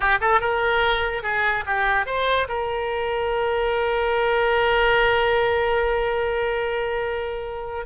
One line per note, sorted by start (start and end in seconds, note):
0.00 0.18 G4
0.20 0.40 A4
0.40 1.23 A#4
1.23 1.64 G#4
1.66 2.06 G4
2.06 2.47 C5
2.48 7.86 A#4